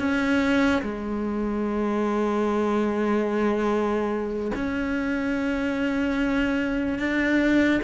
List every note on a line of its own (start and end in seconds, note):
0.00 0.82 C#4
0.82 4.52 G#3
4.56 6.99 C#4
6.99 7.81 D4